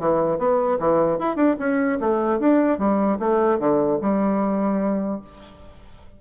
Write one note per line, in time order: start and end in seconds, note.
0.00 0.39 E3
0.39 0.79 B3
0.80 1.19 E3
1.19 1.37 E4
1.37 1.57 D4
1.60 2.00 C#4
2.01 2.40 A3
2.40 2.79 D4
2.79 3.19 G3
3.20 3.60 A3
3.60 4.00 D3
4.02 5.22 G3